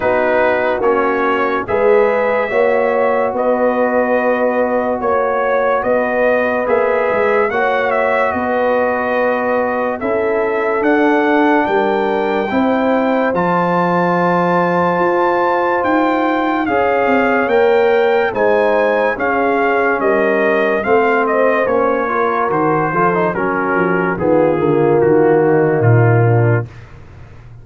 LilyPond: <<
  \new Staff \with { instrumentName = "trumpet" } { \time 4/4 \tempo 4 = 72 b'4 cis''4 e''2 | dis''2 cis''4 dis''4 | e''4 fis''8 e''8 dis''2 | e''4 fis''4 g''2 |
a''2. g''4 | f''4 g''4 gis''4 f''4 | dis''4 f''8 dis''8 cis''4 c''4 | ais'4 gis'4 fis'4 f'4 | }
  \new Staff \with { instrumentName = "horn" } { \time 4/4 fis'2 b'4 cis''4 | b'2 cis''4 b'4~ | b'4 cis''4 b'2 | a'2 ais'4 c''4~ |
c''1 | cis''2 c''4 gis'4 | ais'4 c''4. ais'4 a'8 | fis'4 f'4. dis'4 d'8 | }
  \new Staff \with { instrumentName = "trombone" } { \time 4/4 dis'4 cis'4 gis'4 fis'4~ | fis'1 | gis'4 fis'2. | e'4 d'2 e'4 |
f'1 | gis'4 ais'4 dis'4 cis'4~ | cis'4 c'4 cis'8 f'8 fis'8 f'16 dis'16 | cis'4 b8 ais2~ ais8 | }
  \new Staff \with { instrumentName = "tuba" } { \time 4/4 b4 ais4 gis4 ais4 | b2 ais4 b4 | ais8 gis8 ais4 b2 | cis'4 d'4 g4 c'4 |
f2 f'4 dis'4 | cis'8 c'8 ais4 gis4 cis'4 | g4 a4 ais4 dis8 f8 | fis8 f8 dis8 d8 dis4 ais,4 | }
>>